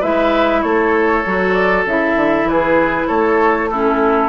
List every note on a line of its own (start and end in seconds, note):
0.00 0.63 G#3
0.00 1.24 E4
0.00 0.61 B4
0.00 0.62 E5
0.62 1.25 A3
0.62 2.48 A4
0.62 1.53 C#5
1.26 1.85 F#3
1.26 1.87 F#4
1.53 1.83 D5
1.85 2.16 C#3
1.85 3.71 E4
1.85 2.48 E5
2.16 2.44 D3
2.44 3.05 E3
2.44 3.08 B4
2.50 3.07 G#4
3.07 4.28 A3
3.07 3.69 A4
3.07 3.69 C#5
3.69 4.28 C#4
3.69 4.28 E4
3.69 4.28 A4